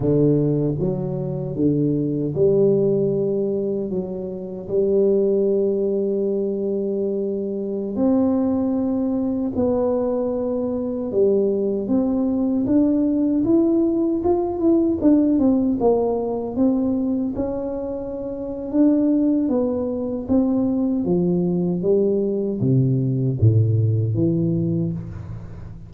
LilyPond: \new Staff \with { instrumentName = "tuba" } { \time 4/4 \tempo 4 = 77 d4 fis4 d4 g4~ | g4 fis4 g2~ | g2~ g16 c'4.~ c'16~ | c'16 b2 g4 c'8.~ |
c'16 d'4 e'4 f'8 e'8 d'8 c'16~ | c'16 ais4 c'4 cis'4.~ cis'16 | d'4 b4 c'4 f4 | g4 c4 a,4 e4 | }